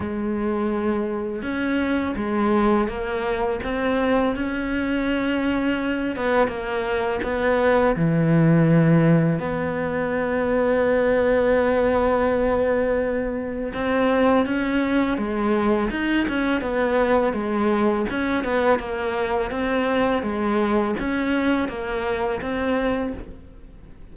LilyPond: \new Staff \with { instrumentName = "cello" } { \time 4/4 \tempo 4 = 83 gis2 cis'4 gis4 | ais4 c'4 cis'2~ | cis'8 b8 ais4 b4 e4~ | e4 b2.~ |
b2. c'4 | cis'4 gis4 dis'8 cis'8 b4 | gis4 cis'8 b8 ais4 c'4 | gis4 cis'4 ais4 c'4 | }